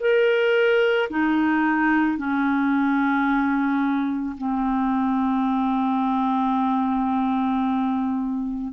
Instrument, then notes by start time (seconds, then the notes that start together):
clarinet
0.00 A#4
1.10 D#4
2.18 C#4
4.37 C4